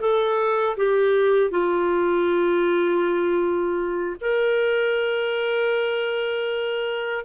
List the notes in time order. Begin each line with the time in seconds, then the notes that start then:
0.00 A4
0.77 G4
1.51 F4
4.20 A#4